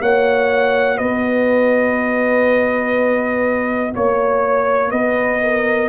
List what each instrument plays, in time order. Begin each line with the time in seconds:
0.00 tuba A#3, trombone F#4, horn C#5, trumpet F#5
0.97 tuba B3, horn B4, trumpet D#5
3.94 tuba A#3, trumpet C#5, horn C#5
4.90 tuba B3, horn B4, trumpet D#5
5.42 horn A#4